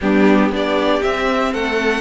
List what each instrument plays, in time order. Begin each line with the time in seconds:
0.01 cello G3, viola B3, violin D4 G4
0.49 cello B3, viola D4, violin G4
0.56 violin D5
1.01 viola C4, cello C4, violin E5
1.53 cello A3, violin A4 F#5